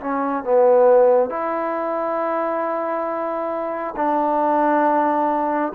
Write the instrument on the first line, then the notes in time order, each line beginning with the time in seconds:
trombone
0.00 C#4
0.44 B3
1.30 E4
3.96 D4